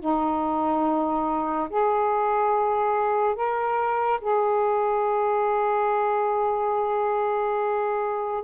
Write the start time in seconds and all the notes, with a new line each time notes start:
0.00 D#4
1.70 G#4
3.35 A#4
4.21 G#4